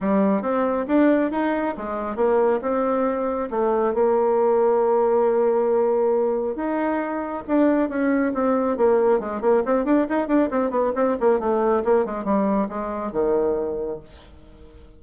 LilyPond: \new Staff \with { instrumentName = "bassoon" } { \time 4/4 \tempo 4 = 137 g4 c'4 d'4 dis'4 | gis4 ais4 c'2 | a4 ais2.~ | ais2. dis'4~ |
dis'4 d'4 cis'4 c'4 | ais4 gis8 ais8 c'8 d'8 dis'8 d'8 | c'8 b8 c'8 ais8 a4 ais8 gis8 | g4 gis4 dis2 | }